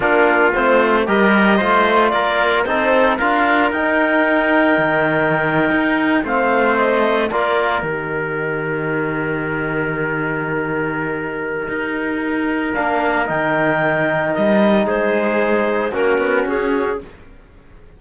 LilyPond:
<<
  \new Staff \with { instrumentName = "clarinet" } { \time 4/4 \tempo 4 = 113 ais'4 c''4 dis''2 | d''4 c''4 f''4 g''4~ | g''2.~ g''8. f''16~ | f''8. dis''4 d''4 dis''4~ dis''16~ |
dis''1~ | dis''1 | f''4 g''2 dis''4 | c''2 ais'4 gis'4 | }
  \new Staff \with { instrumentName = "trumpet" } { \time 4/4 f'2 ais'4 c''4 | ais'4 a'4 ais'2~ | ais'2.~ ais'8. c''16~ | c''4.~ c''16 ais'2~ ais'16~ |
ais'1~ | ais'1~ | ais'1 | gis'2 fis'2 | }
  \new Staff \with { instrumentName = "trombone" } { \time 4/4 d'4 c'4 g'4 f'4~ | f'4 dis'4 f'4 dis'4~ | dis'2.~ dis'8. c'16~ | c'4.~ c'16 f'4 g'4~ g'16~ |
g'1~ | g'1 | d'4 dis'2.~ | dis'2 cis'2 | }
  \new Staff \with { instrumentName = "cello" } { \time 4/4 ais4 a4 g4 a4 | ais4 c'4 d'4 dis'4~ | dis'4 dis4.~ dis16 dis'4 a16~ | a4.~ a16 ais4 dis4~ dis16~ |
dis1~ | dis2 dis'2 | ais4 dis2 g4 | gis2 ais8 b8 cis'4 | }
>>